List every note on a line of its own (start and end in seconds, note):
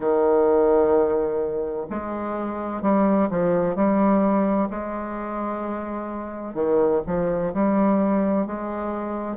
0.00 1.86 D#3
1.90 2.81 G#3
2.81 3.28 G3
3.29 3.75 F3
3.75 4.69 G3
4.70 6.54 G#3
6.54 7.01 D#3
7.06 7.53 F3
7.53 8.46 G3
8.46 9.37 G#3